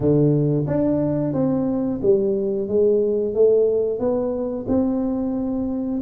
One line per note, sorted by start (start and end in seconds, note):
0.00 0.65 D3
0.67 1.33 D4
1.33 2.00 C4
2.02 2.68 G3
2.68 3.34 G#3
3.34 3.98 A3
3.98 4.65 B3
4.68 6.01 C4